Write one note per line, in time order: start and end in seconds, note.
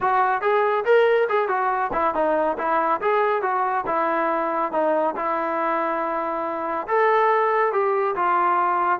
0.00 0.41 F#4
0.41 0.84 G#4
0.85 1.28 A#4
1.29 1.48 G#4
1.48 1.91 F#4
1.92 2.14 E4
2.14 2.57 D#4
2.58 3.00 E4
3.01 3.42 G#4
3.42 3.85 F#4
3.86 4.72 E4
4.72 5.14 D#4
5.15 6.87 E4
6.87 7.72 A4
7.72 8.15 G4
8.15 8.99 F4